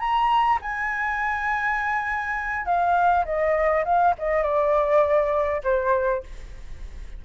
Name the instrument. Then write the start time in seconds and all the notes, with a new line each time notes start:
flute
0.00 A#5
0.62 G#5
2.66 F5
3.25 D#5
3.85 F5
4.19 D#5
4.43 D5
5.64 C5